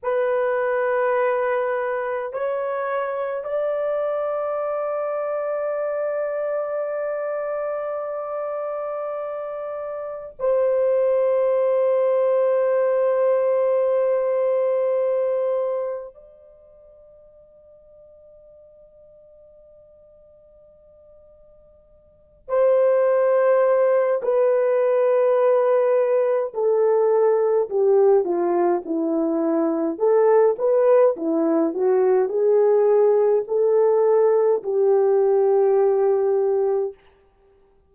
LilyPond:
\new Staff \with { instrumentName = "horn" } { \time 4/4 \tempo 4 = 52 b'2 cis''4 d''4~ | d''1~ | d''4 c''2.~ | c''2 d''2~ |
d''2.~ d''8 c''8~ | c''4 b'2 a'4 | g'8 f'8 e'4 a'8 b'8 e'8 fis'8 | gis'4 a'4 g'2 | }